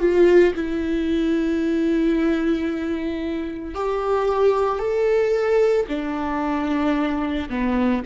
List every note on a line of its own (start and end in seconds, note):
0.00 0.54 F4
0.55 3.75 E4
3.75 4.79 G4
4.79 5.86 A4
5.88 7.49 D4
7.50 8.03 B3